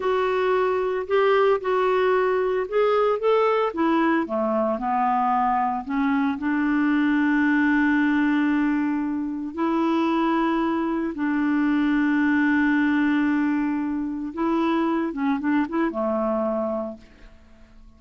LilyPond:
\new Staff \with { instrumentName = "clarinet" } { \time 4/4 \tempo 4 = 113 fis'2 g'4 fis'4~ | fis'4 gis'4 a'4 e'4 | a4 b2 cis'4 | d'1~ |
d'2 e'2~ | e'4 d'2.~ | d'2. e'4~ | e'8 cis'8 d'8 e'8 a2 | }